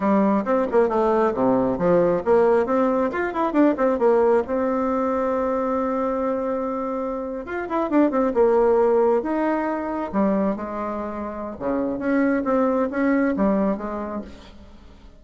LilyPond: \new Staff \with { instrumentName = "bassoon" } { \time 4/4 \tempo 4 = 135 g4 c'8 ais8 a4 c4 | f4 ais4 c'4 f'8 e'8 | d'8 c'8 ais4 c'2~ | c'1~ |
c'8. f'8 e'8 d'8 c'8 ais4~ ais16~ | ais8. dis'2 g4 gis16~ | gis2 cis4 cis'4 | c'4 cis'4 g4 gis4 | }